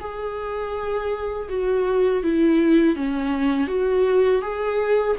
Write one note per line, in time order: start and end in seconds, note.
0.00 1.48 G#4
1.49 2.23 F#4
2.23 2.95 E4
2.95 3.67 C#4
3.67 4.41 F#4
4.42 5.16 G#4